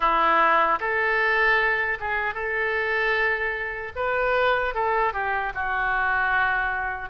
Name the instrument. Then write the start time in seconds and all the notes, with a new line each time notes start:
oboe
0.00 E4
0.80 A4
2.00 G#4
2.34 A4
3.95 B4
4.74 A4
5.13 G4
5.54 F#4